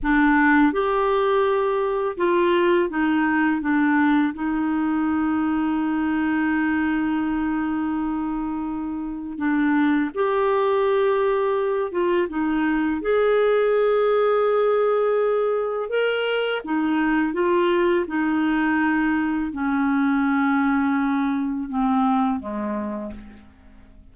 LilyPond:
\new Staff \with { instrumentName = "clarinet" } { \time 4/4 \tempo 4 = 83 d'4 g'2 f'4 | dis'4 d'4 dis'2~ | dis'1~ | dis'4 d'4 g'2~ |
g'8 f'8 dis'4 gis'2~ | gis'2 ais'4 dis'4 | f'4 dis'2 cis'4~ | cis'2 c'4 gis4 | }